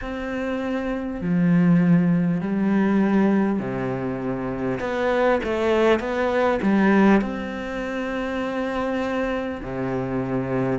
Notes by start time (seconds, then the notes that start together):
0.01 C4
1.21 F3
2.40 G3
3.59 C3
4.79 B3
5.43 A3
5.99 B3
6.62 G3
7.21 C4
9.62 C3